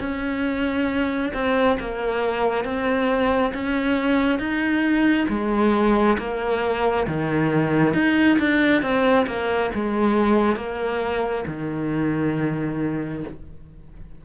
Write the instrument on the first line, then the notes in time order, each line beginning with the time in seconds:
cello
0.00 C#4
1.34 C4
1.80 A#3
2.65 C4
3.54 C#4
4.39 D#4
5.29 G#3
6.18 A#3
7.07 D#3
7.94 D#4
8.39 D4
8.82 C4
9.26 A#3
9.75 G#3
10.56 A#3
11.47 D#3